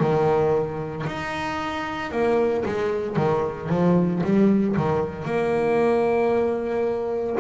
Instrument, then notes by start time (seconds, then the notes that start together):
double bass
0.00 D#3
1.07 D#4
2.12 A#3
2.66 G#3
3.17 D#3
3.69 F3
4.23 G3
4.77 D#3
5.25 A#3